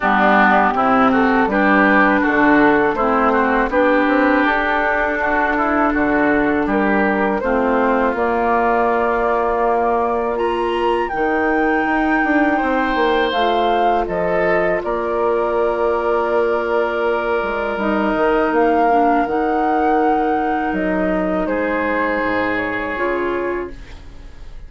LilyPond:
<<
  \new Staff \with { instrumentName = "flute" } { \time 4/4 \tempo 4 = 81 g'4. a'8 b'4 a'4 | c''4 b'4 a'2~ | a'4 ais'4 c''4 d''4~ | d''2 ais''4 g''4~ |
g''2 f''4 dis''4 | d''1 | dis''4 f''4 fis''2 | dis''4 c''4. cis''4. | }
  \new Staff \with { instrumentName = "oboe" } { \time 4/4 d'4 e'8 fis'8 g'4 fis'4 | e'8 fis'8 g'2 fis'8 e'8 | fis'4 g'4 f'2~ | f'2 ais'2~ |
ais'4 c''2 a'4 | ais'1~ | ais'1~ | ais'4 gis'2. | }
  \new Staff \with { instrumentName = "clarinet" } { \time 4/4 b4 c'4 d'2 | c'4 d'2.~ | d'2 c'4 ais4~ | ais2 f'4 dis'4~ |
dis'2 f'2~ | f'1 | dis'4. d'8 dis'2~ | dis'2. f'4 | }
  \new Staff \with { instrumentName = "bassoon" } { \time 4/4 g4 c4 g4 d4 | a4 b8 c'8 d'2 | d4 g4 a4 ais4~ | ais2. dis4 |
dis'8 d'8 c'8 ais8 a4 f4 | ais2.~ ais8 gis8 | g8 dis8 ais4 dis2 | fis4 gis4 gis,4 cis4 | }
>>